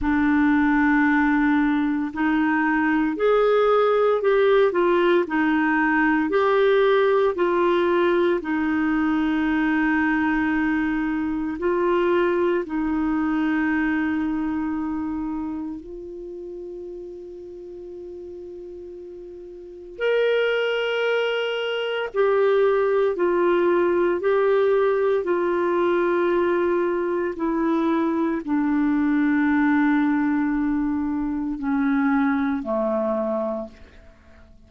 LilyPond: \new Staff \with { instrumentName = "clarinet" } { \time 4/4 \tempo 4 = 57 d'2 dis'4 gis'4 | g'8 f'8 dis'4 g'4 f'4 | dis'2. f'4 | dis'2. f'4~ |
f'2. ais'4~ | ais'4 g'4 f'4 g'4 | f'2 e'4 d'4~ | d'2 cis'4 a4 | }